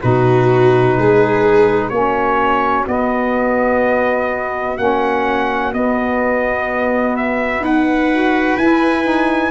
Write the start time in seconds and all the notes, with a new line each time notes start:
0.00 B2 D#4 F#4 B4
0.97 G#3 G#4
1.89 A#3 C#4 F#4 C#5
2.86 B3 D#5
4.77 A#3 C#4 F#5
5.73 B3 D#5
7.16 E5
7.60 D#4 B4 F#5
8.11 F#4
8.57 E4 G#5
9.03 D#4